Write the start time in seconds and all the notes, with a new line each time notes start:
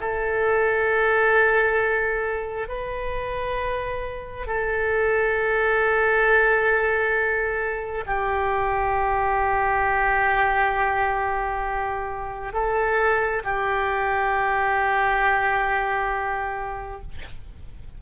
0.00 A4
2.68 B4
4.46 A4
8.06 G4
12.53 A4
13.43 G4